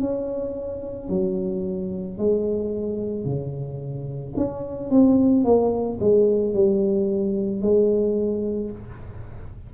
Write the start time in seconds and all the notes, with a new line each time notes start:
0.00 C#4
1.09 F#3
2.18 G#3
3.25 C#3
4.36 C#4
4.90 C4
5.44 A#3
6.00 G#3
6.54 G3
7.62 G#3